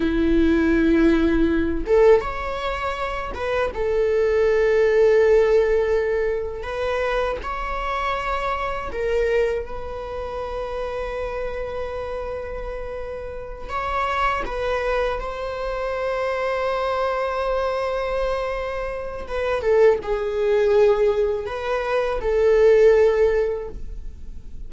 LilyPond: \new Staff \with { instrumentName = "viola" } { \time 4/4 \tempo 4 = 81 e'2~ e'8 a'8 cis''4~ | cis''8 b'8 a'2.~ | a'4 b'4 cis''2 | ais'4 b'2.~ |
b'2~ b'8 cis''4 b'8~ | b'8 c''2.~ c''8~ | c''2 b'8 a'8 gis'4~ | gis'4 b'4 a'2 | }